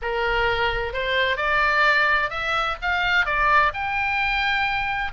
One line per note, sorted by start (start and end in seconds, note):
0.01 0.93 A#4
0.93 1.37 C5
1.37 2.29 D5
2.29 2.76 E5
2.81 3.25 F5
3.25 3.72 D5
3.73 5.12 G5